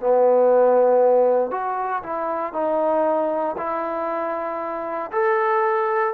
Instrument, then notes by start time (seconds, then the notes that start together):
trombone
0.00 B3
1.51 F#4
2.03 E4
2.53 D#4
3.57 E4
5.12 A4